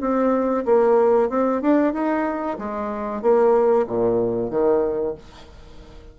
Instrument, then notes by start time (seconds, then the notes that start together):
bassoon
0.00 C4
0.65 A#3
1.29 C4
1.61 D4
1.93 D#4
2.58 G#3
3.22 A#3
3.87 A#2
4.50 D#3